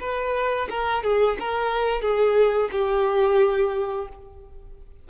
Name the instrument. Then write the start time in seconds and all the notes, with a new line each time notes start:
violin
0.00 B4
0.70 A#4
1.03 G#4
1.39 A#4
2.01 G#4
2.72 G4